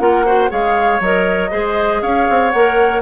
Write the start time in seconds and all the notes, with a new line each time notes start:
0.00 A#3 F4 A#4 F#5
0.26 F#4 C5
0.49 G#3 G#4 C#5 F5
1.00 F#3 A#4 D#5
1.51 G#3 G#4 C5
2.02 C#4 C#5 F5
2.30 C4
2.51 A#3 A#4 F#5